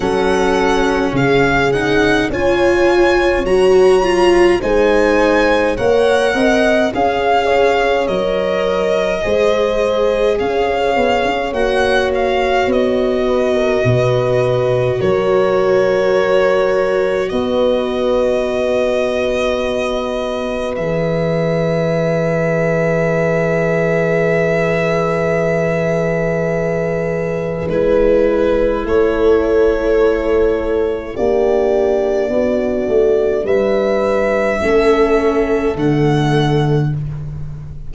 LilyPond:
<<
  \new Staff \with { instrumentName = "violin" } { \time 4/4 \tempo 4 = 52 fis''4 f''8 fis''8 gis''4 ais''4 | gis''4 fis''4 f''4 dis''4~ | dis''4 f''4 fis''8 f''8 dis''4~ | dis''4 cis''2 dis''4~ |
dis''2 e''2~ | e''1 | b'4 cis''2 d''4~ | d''4 e''2 fis''4 | }
  \new Staff \with { instrumentName = "horn" } { \time 4/4 a'4 gis'4 cis''2 | c''4 cis''8 dis''8 f''8 cis''4. | c''4 cis''2~ cis''8 b'16 ais'16 | b'4 ais'2 b'4~ |
b'1~ | b'1~ | b'4 a'2 g'4 | fis'4 b'4 a'2 | }
  \new Staff \with { instrumentName = "viola" } { \time 4/4 cis'4. dis'8 f'4 fis'8 f'8 | dis'4 ais'4 gis'4 ais'4 | gis'2 fis'2~ | fis'1~ |
fis'2 gis'2~ | gis'1 | e'2. d'4~ | d'2 cis'4 a4 | }
  \new Staff \with { instrumentName = "tuba" } { \time 4/4 fis4 cis4 cis'4 fis4 | gis4 ais8 c'8 cis'4 fis4 | gis4 cis'8 b16 cis'16 ais4 b4 | b,4 fis2 b4~ |
b2 e2~ | e1 | gis4 a2 ais4 | b8 a8 g4 a4 d4 | }
>>